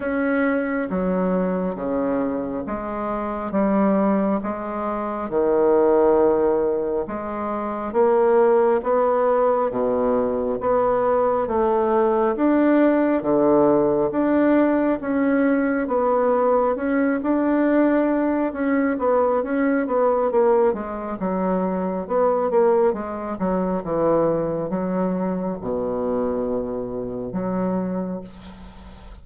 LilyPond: \new Staff \with { instrumentName = "bassoon" } { \time 4/4 \tempo 4 = 68 cis'4 fis4 cis4 gis4 | g4 gis4 dis2 | gis4 ais4 b4 b,4 | b4 a4 d'4 d4 |
d'4 cis'4 b4 cis'8 d'8~ | d'4 cis'8 b8 cis'8 b8 ais8 gis8 | fis4 b8 ais8 gis8 fis8 e4 | fis4 b,2 fis4 | }